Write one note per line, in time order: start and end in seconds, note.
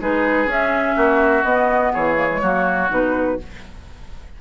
0.00 0.46 G#3
0.00 0.48 D#4
0.00 0.96 G#4
0.00 0.50 B4
0.46 0.94 C#4
0.46 1.45 C#4
0.46 1.44 E5
0.96 1.44 A#3
0.96 1.92 F#4
1.44 1.92 B3
1.44 2.15 B3
1.44 1.92 D#5
1.93 2.42 E3
1.93 2.41 G#4
1.93 2.91 C#5
2.15 2.27 A#3
2.30 2.42 G#3
2.41 2.90 F#3
2.41 2.89 A#3
2.41 3.38 F#4
2.89 3.38 B2
2.89 3.38 D#4
2.89 3.41 B4